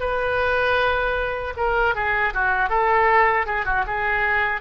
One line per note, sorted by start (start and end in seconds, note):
0.00 1.54 B4
1.57 1.95 A#4
1.95 2.33 G#4
2.34 2.69 F#4
2.69 3.46 A4
3.46 3.65 G#4
3.65 3.85 F#4
3.86 4.61 G#4